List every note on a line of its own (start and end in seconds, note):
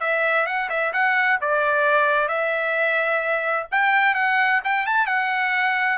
0.00 0.46 E5
0.46 0.69 F#5
0.69 0.92 E5
0.93 1.39 F#5
1.41 2.28 D5
2.28 3.66 E5
3.71 4.14 G5
4.14 4.60 F#5
4.64 4.86 G5
4.86 5.06 A5
5.06 5.98 F#5